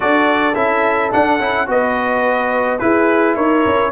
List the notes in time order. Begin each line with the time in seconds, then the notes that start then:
0.00 D4 F#4 A4 D5
0.55 C#4 E4 E5
1.11 D4 F#5
1.39 C#4 E4
1.66 B3 F#4 B4 D#5
2.79 E4 G#4 B4
3.35 D#4 A#4 C#5
3.66 C#4